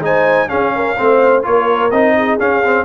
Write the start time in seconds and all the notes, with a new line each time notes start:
0.00 G#3 D#4 C5 G#5
0.49 C#4 G#4 F5
0.75 A#4
0.98 A3 C4 C5
1.43 A#3 F4 A#4 C#5
1.91 C4 D#4 D#5
2.17 G#4
2.39 C#4 F5
2.64 C4